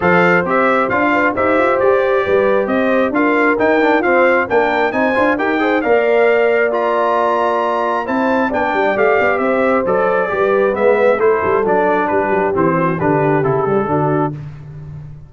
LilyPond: <<
  \new Staff \with { instrumentName = "trumpet" } { \time 4/4 \tempo 4 = 134 f''4 e''4 f''4 e''4 | d''2 dis''4 f''4 | g''4 f''4 g''4 gis''4 | g''4 f''2 ais''4~ |
ais''2 a''4 g''4 | f''4 e''4 d''2 | e''4 c''4 d''4 b'4 | c''4 b'4 a'2 | }
  \new Staff \with { instrumentName = "horn" } { \time 4/4 c''2~ c''8 b'8 c''4~ | c''4 b'4 c''4 ais'4~ | ais'4 c''4 ais'4 c''4 | ais'8 c''8 d''2.~ |
d''2 c''4 d''4~ | d''4 c''2 b'4~ | b'4 a'2 g'4~ | g'8 fis'8 g'2 fis'4 | }
  \new Staff \with { instrumentName = "trombone" } { \time 4/4 a'4 g'4 f'4 g'4~ | g'2. f'4 | dis'8 d'8 c'4 d'4 dis'8 f'8 | g'8 gis'8 ais'2 f'4~ |
f'2 e'4 d'4 | g'2 a'4 g'4 | b4 e'4 d'2 | c'4 d'4 e'8 g8 d'4 | }
  \new Staff \with { instrumentName = "tuba" } { \time 4/4 f4 c'4 d'4 dis'8 f'8 | g'4 g4 c'4 d'4 | dis'4 f'4 ais4 c'8 d'8 | dis'4 ais2.~ |
ais2 c'4 b8 g8 | a8 b8 c'4 fis4 g4 | gis4 a8 g8 fis4 g8 fis8 | e4 d4 cis4 d4 | }
>>